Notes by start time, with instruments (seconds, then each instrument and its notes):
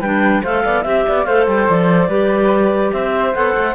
0.00 cello G3, clarinet D4 G5, flute B4
0.43 cello A3, clarinet A4 F5, flute C5
0.65 cello B3, flute D5
0.83 cello C4, clarinet G4 E5, flute E5
1.08 cello B3, flute D5
1.24 cello A3, clarinet A4 F5, flute C5
1.47 cello G3, clarinet G5
1.69 cello F3, clarinet D5
2.08 cello G3, clarinet G4, flute B4
2.93 cello C4, flute C5, clarinet E5
3.34 cello B3, clarinet A4 F#5
3.56 cello A3